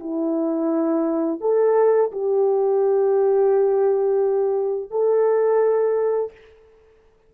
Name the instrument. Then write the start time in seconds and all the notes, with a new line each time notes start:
horn
0.00 E4
1.41 A4
2.12 G4
4.91 A4